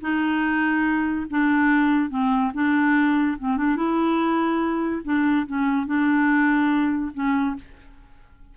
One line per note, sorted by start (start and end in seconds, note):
0.00 1.26 D#4
1.29 2.10 D4
2.10 2.52 C4
2.53 3.37 D4
3.38 3.56 C4
3.56 3.76 D4
3.76 5.02 E4
5.04 5.46 D4
5.46 5.86 C#4
5.86 7.12 D4
7.13 7.55 C#4